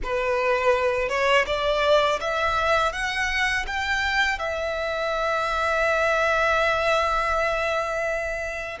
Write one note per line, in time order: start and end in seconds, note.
0.03 1.08 B4
1.08 1.45 C#5
1.46 2.19 D5
2.20 2.92 E5
2.92 3.65 F#5
3.67 4.38 G5
4.38 8.77 E5